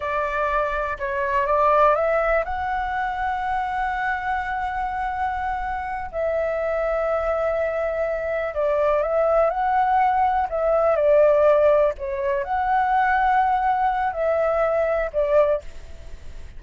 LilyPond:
\new Staff \with { instrumentName = "flute" } { \time 4/4 \tempo 4 = 123 d''2 cis''4 d''4 | e''4 fis''2.~ | fis''1~ | fis''8 e''2.~ e''8~ |
e''4. d''4 e''4 fis''8~ | fis''4. e''4 d''4.~ | d''8 cis''4 fis''2~ fis''8~ | fis''4 e''2 d''4 | }